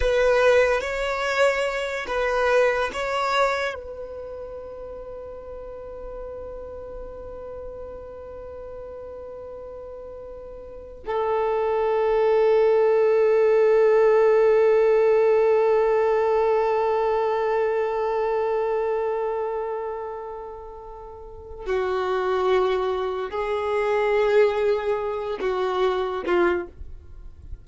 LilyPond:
\new Staff \with { instrumentName = "violin" } { \time 4/4 \tempo 4 = 72 b'4 cis''4. b'4 cis''8~ | cis''8 b'2.~ b'8~ | b'1~ | b'4~ b'16 a'2~ a'8.~ |
a'1~ | a'1~ | a'2 fis'2 | gis'2~ gis'8 fis'4 f'8 | }